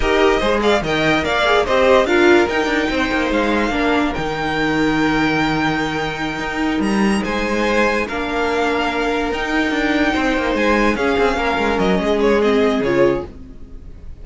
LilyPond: <<
  \new Staff \with { instrumentName = "violin" } { \time 4/4 \tempo 4 = 145 dis''4. f''8 g''4 f''4 | dis''4 f''4 g''2 | f''2 g''2~ | g''1~ |
g''8 ais''4 gis''2 f''8~ | f''2~ f''8 g''4.~ | g''4. gis''4 f''4.~ | f''8 dis''4 cis''8 dis''4 cis''4 | }
  \new Staff \with { instrumentName = "violin" } { \time 4/4 ais'4 c''8 d''8 dis''4 d''4 | c''4 ais'2 c''4~ | c''4 ais'2.~ | ais'1~ |
ais'4. c''2 ais'8~ | ais'1~ | ais'8 c''2 gis'4 ais'8~ | ais'4 gis'2. | }
  \new Staff \with { instrumentName = "viola" } { \time 4/4 g'4 gis'4 ais'4. gis'8 | g'4 f'4 dis'2~ | dis'4 d'4 dis'2~ | dis'1~ |
dis'2.~ dis'8 d'8~ | d'2~ d'8 dis'4.~ | dis'2~ dis'8 cis'4.~ | cis'2 c'4 f'4 | }
  \new Staff \with { instrumentName = "cello" } { \time 4/4 dis'4 gis4 dis4 ais4 | c'4 d'4 dis'8 d'8 c'8 ais8 | gis4 ais4 dis2~ | dis2.~ dis8 dis'8~ |
dis'8 g4 gis2 ais8~ | ais2~ ais8 dis'4 d'8~ | d'8 c'8 ais8 gis4 cis'8 c'8 ais8 | gis8 fis8 gis2 cis4 | }
>>